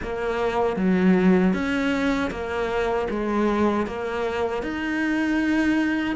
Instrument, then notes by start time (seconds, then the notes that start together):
cello
0.02 A#3
0.76 F#3
1.53 C#4
2.30 A#3
3.10 G#3
3.86 A#3
4.63 D#4